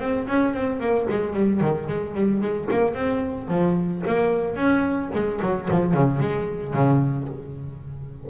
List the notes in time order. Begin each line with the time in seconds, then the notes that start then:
0.00 C4
0.27 C#4
0.54 C4
0.80 A#3
1.10 G#3
1.34 G3
1.60 D#3
1.88 G#3
2.15 G3
2.41 G#3
2.71 A#3
2.94 C4
3.48 F3
4.07 A#3
4.56 C#4
5.14 G#3
5.42 F#3
5.71 F3
5.94 C#3
6.20 G#3
6.74 C#3